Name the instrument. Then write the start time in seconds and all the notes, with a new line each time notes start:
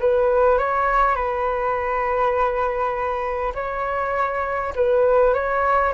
flute
0.00 B4
0.58 C#5
1.16 B4
3.55 C#5
4.76 B4
5.34 C#5